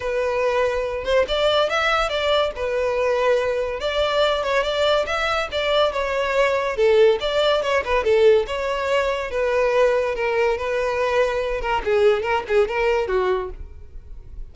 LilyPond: \new Staff \with { instrumentName = "violin" } { \time 4/4 \tempo 4 = 142 b'2~ b'8 c''8 d''4 | e''4 d''4 b'2~ | b'4 d''4. cis''8 d''4 | e''4 d''4 cis''2 |
a'4 d''4 cis''8 b'8 a'4 | cis''2 b'2 | ais'4 b'2~ b'8 ais'8 | gis'4 ais'8 gis'8 ais'4 fis'4 | }